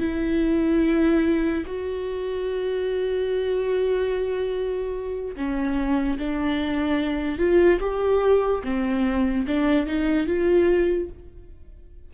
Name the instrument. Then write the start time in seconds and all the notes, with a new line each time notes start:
viola
0.00 E4
1.66 F#4
5.36 C#4
6.19 D4
7.39 F4
7.80 G4
8.64 C4
9.48 D4
9.87 D#4
10.27 F4